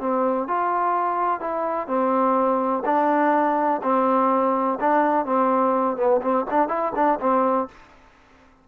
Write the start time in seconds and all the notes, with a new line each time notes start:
0.00 C4
0.47 F4
1.40 E4
1.87 C4
2.85 D4
3.82 C4
4.80 D4
5.26 C4
5.97 B3
6.22 C4
6.50 D4
6.68 E4
6.95 D4
7.20 C4